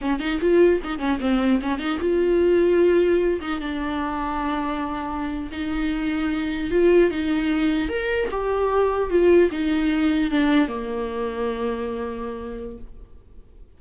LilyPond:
\new Staff \with { instrumentName = "viola" } { \time 4/4 \tempo 4 = 150 cis'8 dis'8 f'4 dis'8 cis'8 c'4 | cis'8 dis'8 f'2.~ | f'8 dis'8 d'2.~ | d'4.~ d'16 dis'2~ dis'16~ |
dis'8. f'4 dis'2 ais'16~ | ais'8. g'2 f'4 dis'16~ | dis'4.~ dis'16 d'4 ais4~ ais16~ | ais1 | }